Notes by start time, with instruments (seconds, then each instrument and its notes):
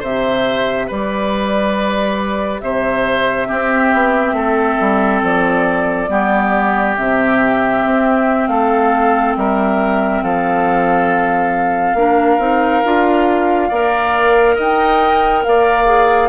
0.00 bassoon C3, clarinet G4, oboe C5, flute E5
0.88 bassoon G3, oboe B4, flute D5
2.61 bassoon C3, oboe C5, flute E5
3.47 clarinet C4, bassoon C4, oboe G4
3.94 bassoon B3
4.33 bassoon A3, oboe A4
4.81 bassoon G3
5.23 bassoon F3, flute D5
6.09 bassoon G3, clarinet B3, oboe G4
6.97 bassoon C3, clarinet C4, flute E5
7.86 bassoon C4
8.47 bassoon A3, oboe A4, flute F5
9.37 bassoon G3, oboe A#4, flute E5
10.23 bassoon F3, oboe A4, flute F5
11.94 bassoon A#3, clarinet D4, oboe A#4
12.39 bassoon C4, clarinet D#4
12.85 bassoon D4, clarinet F4
13.69 bassoon A#3, clarinet A#4, oboe D5
14.56 bassoon D#4, oboe D#5, flute G5
15.45 bassoon A#3, oboe D5, flute F5
15.86 clarinet G#4